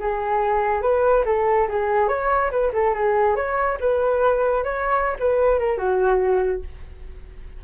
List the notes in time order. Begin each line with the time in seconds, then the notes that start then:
0.00 G#4
0.82 B4
1.26 A4
1.69 G#4
2.09 C#5
2.51 B4
2.73 A4
2.95 G#4
3.36 C#5
3.81 B4
4.64 C#5
5.20 B4
5.59 A#4
5.78 F#4